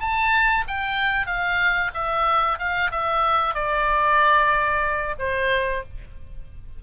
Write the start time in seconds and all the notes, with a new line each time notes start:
0.00 A5
0.67 G5
1.26 F5
1.94 E5
2.59 F5
2.91 E5
3.54 D5
5.19 C5